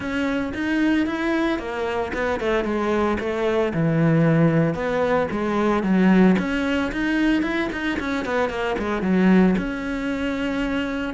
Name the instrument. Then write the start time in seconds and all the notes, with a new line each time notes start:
cello
0.00 C#4
0.53 D#4
1.06 E4
1.58 A#3
2.13 B3
2.40 A3
2.64 G#3
3.19 A3
3.73 E3
4.74 B3
5.31 G#3
5.83 F#3
6.38 C#4
6.92 D#4
7.42 E4
7.72 D#4
7.99 C#4
8.25 B3
8.49 A#3
8.78 G#3
9.02 F#3
9.57 C#4